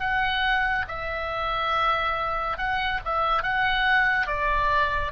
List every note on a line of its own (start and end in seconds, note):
0.00 0.86 F#5
0.88 2.58 E5
2.58 3.00 F#5
3.05 3.43 E5
3.43 4.27 F#5
4.27 5.12 D5